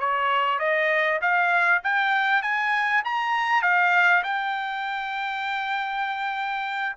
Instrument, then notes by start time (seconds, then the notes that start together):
trumpet
0.00 C#5
0.60 D#5
1.21 F5
1.84 G5
2.43 G#5
3.05 A#5
3.63 F5
4.24 G5